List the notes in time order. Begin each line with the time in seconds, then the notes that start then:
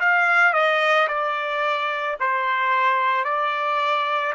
0.00 F5
0.53 D#5
1.08 D5
2.20 C5
3.24 D5